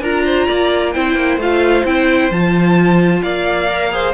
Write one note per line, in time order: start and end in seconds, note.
0.00 0.46 D4
0.00 0.94 F4
0.00 0.24 A#4
0.00 0.91 A#5
0.24 0.46 C5
0.46 0.95 A#3
0.46 0.92 D5
0.91 1.14 C4
0.91 1.40 E4
0.91 3.22 C5
0.91 1.37 G5
1.14 1.37 A#3
1.37 1.83 A3
1.37 1.85 F4
1.37 1.85 F5
1.84 2.29 C4
1.84 2.30 E4
1.84 2.31 G5
2.30 3.22 F3
2.30 3.68 F4
2.30 3.22 A5
3.22 4.13 A#3
3.22 3.91 D5
3.22 4.13 F5
3.69 3.91 A#4
3.91 4.13 G#4
3.91 4.13 C5